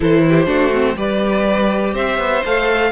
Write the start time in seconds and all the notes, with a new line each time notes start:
0.00 E3 E4 A4 C5
0.28 G4
0.46 A3 D4 F#4
0.73 C4
0.96 G3 G4 B4 D5
1.93 C4 C5 E5
2.17 B3
2.45 A3 A4 F5